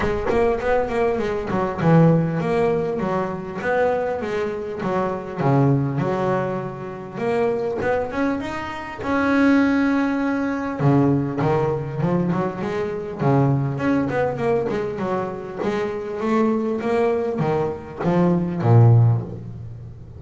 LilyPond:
\new Staff \with { instrumentName = "double bass" } { \time 4/4 \tempo 4 = 100 gis8 ais8 b8 ais8 gis8 fis8 e4 | ais4 fis4 b4 gis4 | fis4 cis4 fis2 | ais4 b8 cis'8 dis'4 cis'4~ |
cis'2 cis4 dis4 | f8 fis8 gis4 cis4 cis'8 b8 | ais8 gis8 fis4 gis4 a4 | ais4 dis4 f4 ais,4 | }